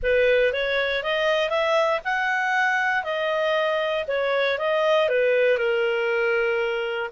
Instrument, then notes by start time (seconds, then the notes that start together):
clarinet
0.02 B4
0.52 C#5
1.03 D#5
1.49 E5
2.04 F#5
3.03 D#5
4.07 C#5
4.58 D#5
5.08 B4
5.57 A#4